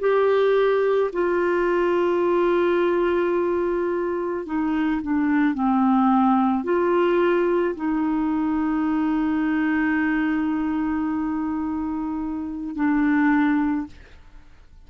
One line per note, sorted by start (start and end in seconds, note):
0.00 1.11 G4
1.13 4.46 F4
4.46 5.02 D#4
5.03 5.55 D4
5.55 6.64 C4
6.64 7.75 F4
7.76 12.76 D#4
12.76 13.87 D4